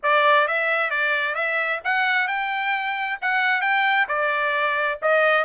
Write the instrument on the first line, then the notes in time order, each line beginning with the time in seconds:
trumpet
0.02 D5
0.47 E5
0.90 D5
1.35 E5
1.84 F#5
2.27 G5
3.21 F#5
3.61 G5
4.08 D5
5.01 D#5